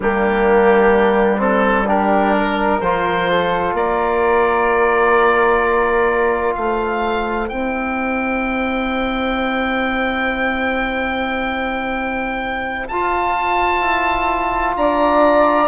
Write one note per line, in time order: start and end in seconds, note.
0.00 2.79 G3
0.00 1.38 A#3
0.00 1.87 D4
0.00 1.40 G4
1.38 1.84 C4
1.38 1.87 A4
1.87 2.80 D4
1.87 2.34 G4
1.87 2.80 A#4
2.37 3.29 A#4
2.80 3.73 F3
2.80 7.50 F4
2.80 3.74 C5
3.29 3.76 A4
3.73 6.54 A#3
3.73 6.56 A#4
3.73 6.54 D5
6.54 7.50 A3
6.54 14.76 C5
6.54 7.48 F5
7.48 12.89 C4
7.48 12.89 E4
7.48 12.87 G5
12.88 13.80 F4
12.88 15.67 F4
12.88 14.75 A5
13.80 14.74 E4
14.76 15.67 D4
14.76 15.67 D5
14.76 15.67 A#5